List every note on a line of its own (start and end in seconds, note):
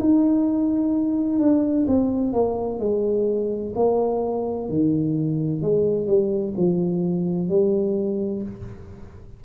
0.00 1.40 D#4
1.40 1.87 D4
1.88 2.34 C4
2.34 2.80 A#3
2.80 3.74 G#3
3.76 4.69 A#3
4.69 5.62 D#3
5.62 6.07 G#3
6.07 6.54 G3
6.58 7.49 F3
7.49 8.43 G3